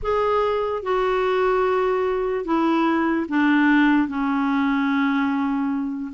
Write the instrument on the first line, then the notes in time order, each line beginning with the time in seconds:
clarinet
0.02 G#4
0.82 F#4
2.45 E4
3.29 D4
4.08 C#4